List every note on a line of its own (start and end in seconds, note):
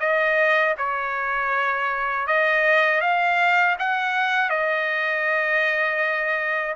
0.00 0.75 D#5
0.78 2.27 C#5
2.27 3.01 D#5
3.01 3.76 F5
3.79 4.50 F#5
4.50 6.75 D#5